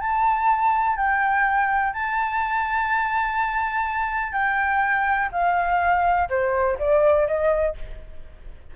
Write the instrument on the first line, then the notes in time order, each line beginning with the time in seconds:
flute
0.00 A5
0.96 G5
1.93 A5
4.32 G5
5.32 F5
6.29 C5
6.79 D5
7.27 D#5